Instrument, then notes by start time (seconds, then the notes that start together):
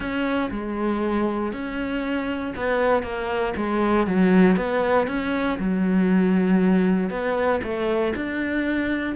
cello
0.00 C#4
0.51 G#3
1.53 C#4
2.55 B3
3.03 A#3
3.56 G#3
4.06 F#3
4.56 B3
5.07 C#4
5.59 F#3
7.10 B3
7.63 A3
8.15 D4